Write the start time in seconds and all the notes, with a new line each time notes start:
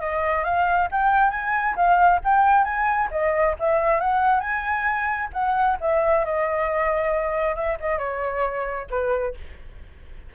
0.00 D#5
0.44 F5
0.91 G5
1.30 G#5
1.76 F5
2.24 G5
2.64 G#5
3.11 D#5
3.59 E5
4.00 F#5
4.40 G#5
5.33 F#5
5.80 E5
6.24 D#5
7.55 E5
7.80 D#5
7.98 C#5
8.90 B4